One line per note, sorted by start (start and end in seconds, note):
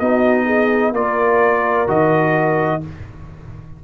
0.00 0.93 B3
0.00 0.94 D#4
0.00 0.45 F#4
0.00 0.94 D#5
0.45 0.92 G#4
0.93 1.87 A#3
0.93 1.87 F4
0.93 2.84 A#4
0.93 1.89 D5
1.87 2.81 D#3
1.87 2.81 F#4
1.87 2.83 D#5